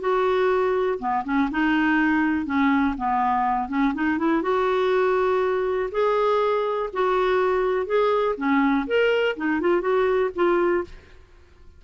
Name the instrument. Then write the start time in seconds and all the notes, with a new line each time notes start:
clarinet
0.00 F#4
0.99 B3
1.24 C#4
1.51 D#4
2.45 C#4
2.97 B3
3.68 C#4
3.94 D#4
4.18 E4
4.42 F#4
5.91 G#4
6.93 F#4
7.86 G#4
8.37 C#4
8.87 A#4
9.36 D#4
9.60 F4
9.81 F#4
10.35 F4